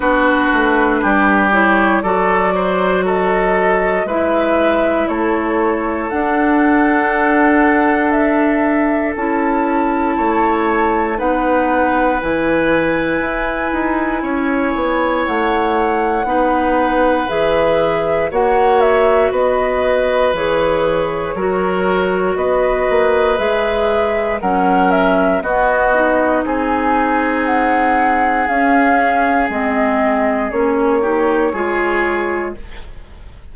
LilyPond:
<<
  \new Staff \with { instrumentName = "flute" } { \time 4/4 \tempo 4 = 59 b'4. cis''8 d''4 dis''4 | e''4 cis''4 fis''2 | e''4 a''2 fis''4 | gis''2. fis''4~ |
fis''4 e''4 fis''8 e''8 dis''4 | cis''2 dis''4 e''4 | fis''8 e''8 dis''4 gis''4 fis''4 | f''4 dis''4 cis''2 | }
  \new Staff \with { instrumentName = "oboe" } { \time 4/4 fis'4 g'4 a'8 c''8 a'4 | b'4 a'2.~ | a'2 cis''4 b'4~ | b'2 cis''2 |
b'2 cis''4 b'4~ | b'4 ais'4 b'2 | ais'4 fis'4 gis'2~ | gis'2~ gis'8 g'8 gis'4 | }
  \new Staff \with { instrumentName = "clarinet" } { \time 4/4 d'4. e'8 fis'2 | e'2 d'2~ | d'4 e'2 dis'4 | e'1 |
dis'4 gis'4 fis'2 | gis'4 fis'2 gis'4 | cis'4 b8 dis'2~ dis'8 | cis'4 c'4 cis'8 dis'8 f'4 | }
  \new Staff \with { instrumentName = "bassoon" } { \time 4/4 b8 a8 g4 fis2 | gis4 a4 d'2~ | d'4 cis'4 a4 b4 | e4 e'8 dis'8 cis'8 b8 a4 |
b4 e4 ais4 b4 | e4 fis4 b8 ais8 gis4 | fis4 b4 c'2 | cis'4 gis4 ais4 gis4 | }
>>